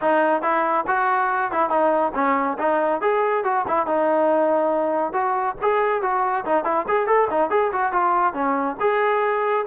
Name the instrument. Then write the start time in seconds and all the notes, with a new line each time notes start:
trombone
0.01 D#4
0.41 E4
0.87 F#4
1.51 E4
1.69 D#4
2.14 C#4
2.58 D#4
3.01 G#4
3.43 F#4
3.67 E4
3.86 D#4
5.13 F#4
5.61 G#4
6.02 F#4
6.45 D#4
6.64 E4
6.87 G#4
7.06 A4
7.30 D#4
7.50 G#4
7.72 F#4
7.92 F4
8.33 C#4
8.80 G#4